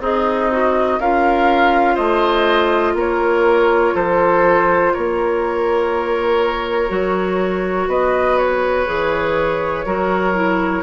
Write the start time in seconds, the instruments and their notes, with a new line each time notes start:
0.00 bassoon C4, oboe D#4, clarinet G#4, flute D#5
0.51 clarinet F#4
0.99 bassoon C#4, clarinet F4, oboe A#4, flute F5
1.94 bassoon A3, oboe C5, flute D#5
2.94 bassoon A#3, oboe A#4, flute C#5
3.94 bassoon F3, oboe A4, flute C5
4.94 bassoon A#3, oboe A#4, flute C#5
6.89 bassoon F#3, clarinet F#4
7.87 bassoon B3, oboe B4, flute D#5
8.38 flute C#5
8.86 bassoon E3, clarinet G#4
9.85 bassoon F#3, clarinet F#4, oboe A#4
10.34 clarinet E4